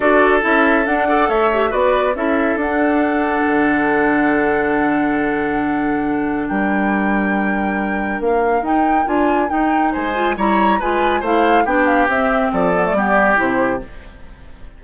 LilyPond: <<
  \new Staff \with { instrumentName = "flute" } { \time 4/4 \tempo 4 = 139 d''4 e''4 fis''4 e''4 | d''4 e''4 fis''2~ | fis''1~ | fis''2. g''4~ |
g''2. f''4 | g''4 gis''4 g''4 gis''4 | ais''4 gis''4 f''4 g''8 f''8 | e''4 d''2 c''4 | }
  \new Staff \with { instrumentName = "oboe" } { \time 4/4 a'2~ a'8 d''8 cis''4 | b'4 a'2.~ | a'1~ | a'2. ais'4~ |
ais'1~ | ais'2. c''4 | cis''4 b'4 c''4 g'4~ | g'4 a'4 g'2 | }
  \new Staff \with { instrumentName = "clarinet" } { \time 4/4 fis'4 e'4 d'8 a'4 g'8 | fis'4 e'4 d'2~ | d'1~ | d'1~ |
d'1 | dis'4 f'4 dis'4. f'8 | e'4 f'4 e'4 d'4 | c'4. b16 a16 b4 e'4 | }
  \new Staff \with { instrumentName = "bassoon" } { \time 4/4 d'4 cis'4 d'4 a4 | b4 cis'4 d'2 | d1~ | d2. g4~ |
g2. ais4 | dis'4 d'4 dis'4 gis4 | g4 gis4 a4 b4 | c'4 f4 g4 c4 | }
>>